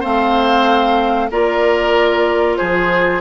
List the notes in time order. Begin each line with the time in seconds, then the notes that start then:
0.00 A3 C4 C5 F5
1.30 A#3 F4 A#4 D5
2.57 F3 G#4 C5